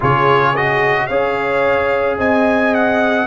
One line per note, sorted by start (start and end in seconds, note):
0.00 1.09 C#3
0.00 0.54 F4
0.00 1.06 G#4
0.00 0.56 C#5
0.56 1.10 F#4
0.56 1.07 D#5
1.07 2.17 C#4
1.07 3.26 G#4
1.07 2.17 C#5
1.07 2.16 F5
2.17 3.26 C4
2.17 3.26 D#5
2.17 2.74 G#5
2.74 3.26 F#5